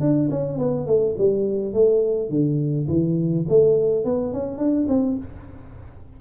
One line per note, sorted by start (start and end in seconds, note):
0.00 0.29 D4
0.30 0.58 C#4
0.58 0.87 B3
0.87 1.15 A3
1.18 1.73 G3
1.73 2.29 A3
2.29 2.87 D3
2.88 3.46 E3
3.49 4.04 A3
4.04 4.33 B3
4.33 4.58 C#4
4.58 4.87 D4
4.88 5.17 C4